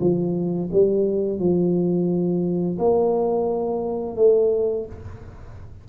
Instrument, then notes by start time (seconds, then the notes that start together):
tuba
0.00 F3
0.72 G3
1.39 F3
2.79 A#3
4.16 A3